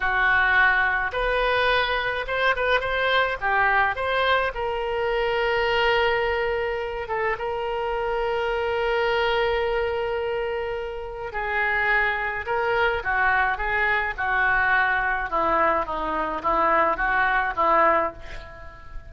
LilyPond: \new Staff \with { instrumentName = "oboe" } { \time 4/4 \tempo 4 = 106 fis'2 b'2 | c''8 b'8 c''4 g'4 c''4 | ais'1~ | ais'8 a'8 ais'2.~ |
ais'1 | gis'2 ais'4 fis'4 | gis'4 fis'2 e'4 | dis'4 e'4 fis'4 e'4 | }